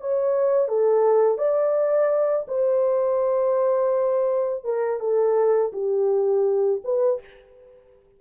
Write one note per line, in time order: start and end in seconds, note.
0.00 0.68 C#5
0.68 1.38 A4
1.38 2.46 D5
2.48 4.64 C5
4.64 5.00 A#4
5.00 5.72 A4
5.72 6.81 G4
6.84 7.20 B4